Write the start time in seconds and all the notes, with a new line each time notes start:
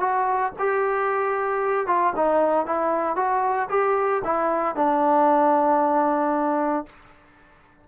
0.00 F#4
0.59 G4
1.87 F4
2.16 D#4
2.66 E4
3.16 F#4
3.70 G4
4.24 E4
4.76 D4